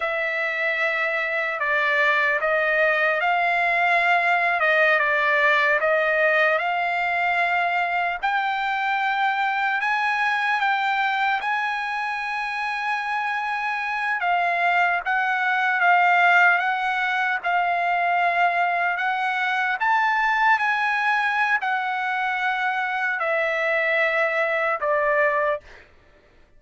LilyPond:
\new Staff \with { instrumentName = "trumpet" } { \time 4/4 \tempo 4 = 75 e''2 d''4 dis''4 | f''4.~ f''16 dis''8 d''4 dis''8.~ | dis''16 f''2 g''4.~ g''16~ | g''16 gis''4 g''4 gis''4.~ gis''16~ |
gis''4.~ gis''16 f''4 fis''4 f''16~ | f''8. fis''4 f''2 fis''16~ | fis''8. a''4 gis''4~ gis''16 fis''4~ | fis''4 e''2 d''4 | }